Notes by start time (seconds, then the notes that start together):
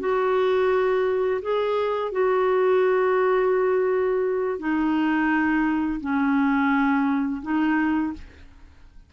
0.00 F#4
1.42 G#4
2.12 F#4
4.59 D#4
6.01 C#4
7.42 D#4